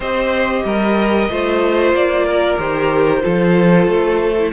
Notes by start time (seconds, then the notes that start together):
0.00 C4 G4 C5 D#5
0.64 G3 A#4
1.29 A3 F4 C5
1.93 A#3 D5
2.25 A#4
2.58 D#3 G4 C5
3.20 F3 F4 A4
3.87 A3
4.38 E4